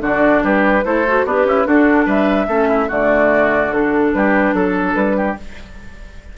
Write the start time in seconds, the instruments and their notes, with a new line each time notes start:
0.00 bassoon D3, clarinet D4, oboe F#4, flute D5
0.43 bassoon G3, oboe G4, flute B4
0.84 bassoon A3, clarinet E4, oboe A4, flute C5
1.07 clarinet F#4
1.24 bassoon B3, oboe D4, clarinet G4, flute B4
1.45 bassoon C#4, oboe E4
1.65 clarinet D4, bassoon D4, oboe F#4, flute A4
2.05 bassoon G3, oboe B4, flute E5
2.47 bassoon A3, clarinet C#4, oboe A4
2.68 oboe E4
2.87 bassoon D3, clarinet A3, oboe F#4, flute D5
3.72 clarinet D4, flute A4
4.13 bassoon G3, oboe G4, flute B4
4.53 bassoon F#3, flute A4, oboe A4
4.94 bassoon G3, flute B4
5.16 oboe G4